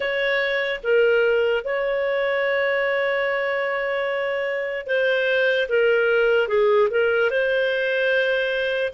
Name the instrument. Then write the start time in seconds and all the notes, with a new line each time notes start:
clarinet
0.00 C#5
0.83 A#4
1.64 C#5
4.86 C5
5.68 A#4
6.48 G#4
6.90 A#4
7.30 C5